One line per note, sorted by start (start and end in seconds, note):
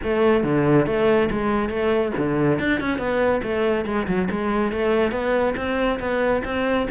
0.03 0.43 A3
0.43 0.86 D3
0.86 1.29 A3
1.30 1.69 G#3
1.69 2.12 A3
2.17 2.59 D3
2.59 2.80 D4
2.80 2.98 C#4
2.98 3.41 B3
3.42 3.85 A3
3.85 4.06 G#3
4.07 4.28 F#3
4.30 4.72 G#3
4.72 5.11 A3
5.11 5.54 B3
5.56 5.99 C4
5.99 6.42 B3
6.44 6.87 C4